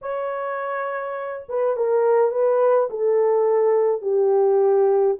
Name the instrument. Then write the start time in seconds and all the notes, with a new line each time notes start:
horn
0.01 C#5
1.48 B4
1.76 A#4
2.31 B4
2.90 A4
4.01 G4